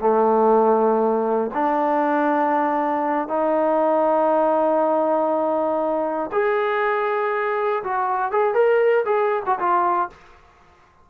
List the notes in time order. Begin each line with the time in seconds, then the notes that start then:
0.00 A3
1.54 D4
3.28 D#4
6.33 G#4
7.84 F#4
8.32 G#4
8.54 A#4
9.05 G#4
9.46 F#4
9.59 F4